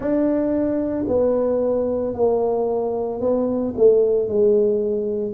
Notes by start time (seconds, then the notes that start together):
0.00 D4
1.07 B3
2.14 A#3
3.20 B3
3.76 A3
4.28 G#3